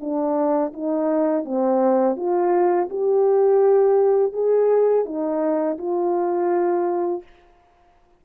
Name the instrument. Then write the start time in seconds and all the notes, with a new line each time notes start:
horn
0.00 D4
0.73 D#4
1.45 C4
2.16 F4
2.89 G4
4.32 G#4
5.05 D#4
5.78 F4